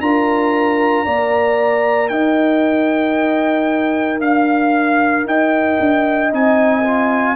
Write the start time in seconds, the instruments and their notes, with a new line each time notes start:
0.00 tuba D4, trombone F4, horn A#4, trumpet A#5
1.05 tuba A#3, trombone A#4, horn D5
2.08 tuba D#4, horn D#5, trumpet G5
4.20 tuba D4, horn F5, trumpet F5
5.25 tuba D#4, horn D#5, trumpet G5
5.80 tuba D4
6.30 tuba C4, trombone D#4, trumpet G#5
6.84 trombone F4